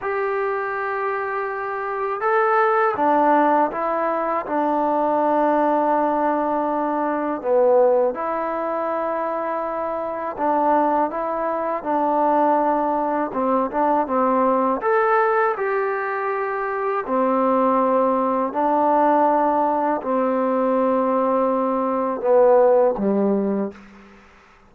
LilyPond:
\new Staff \with { instrumentName = "trombone" } { \time 4/4 \tempo 4 = 81 g'2. a'4 | d'4 e'4 d'2~ | d'2 b4 e'4~ | e'2 d'4 e'4 |
d'2 c'8 d'8 c'4 | a'4 g'2 c'4~ | c'4 d'2 c'4~ | c'2 b4 g4 | }